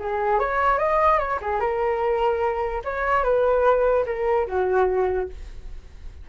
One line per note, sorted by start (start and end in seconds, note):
0.00 0.40 G#4
0.40 0.79 C#5
0.79 1.19 D#5
1.19 1.40 C#5
1.42 1.60 G#4
1.60 2.83 A#4
2.85 3.24 C#5
3.24 4.06 B4
4.06 4.47 A#4
4.48 5.29 F#4